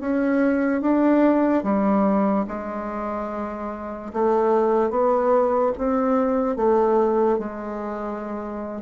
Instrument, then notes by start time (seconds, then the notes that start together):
bassoon
0.00 C#4
0.81 D4
1.63 G3
2.47 G#3
4.13 A3
4.90 B3
5.78 C4
6.56 A3
7.39 G#3